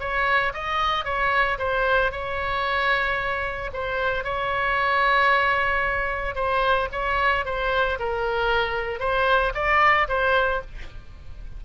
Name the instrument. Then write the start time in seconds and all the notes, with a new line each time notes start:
oboe
0.00 C#5
0.54 D#5
1.05 C#5
1.59 C5
2.12 C#5
3.73 C5
4.24 C#5
6.35 C5
6.92 C#5
7.45 C5
7.99 A#4
9.00 C5
9.55 D5
10.09 C5